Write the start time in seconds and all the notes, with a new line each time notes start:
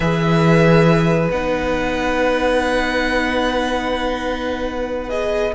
0.00 E3 G#4 B4 E5
1.31 B3 D#4 F#5
5.09 G#4 D#5